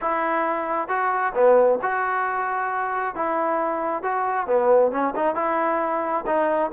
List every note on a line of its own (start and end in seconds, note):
0.01 0.88 E4
0.88 1.33 F#4
1.34 1.79 B3
1.82 3.15 F#4
3.15 4.03 E4
4.03 4.47 F#4
4.47 4.91 B3
4.91 5.14 C#4
5.15 5.35 D#4
5.35 6.24 E4
6.26 6.71 D#4